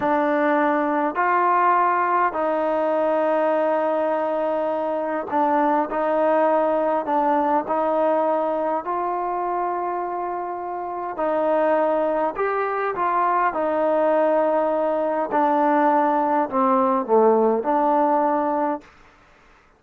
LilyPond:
\new Staff \with { instrumentName = "trombone" } { \time 4/4 \tempo 4 = 102 d'2 f'2 | dis'1~ | dis'4 d'4 dis'2 | d'4 dis'2 f'4~ |
f'2. dis'4~ | dis'4 g'4 f'4 dis'4~ | dis'2 d'2 | c'4 a4 d'2 | }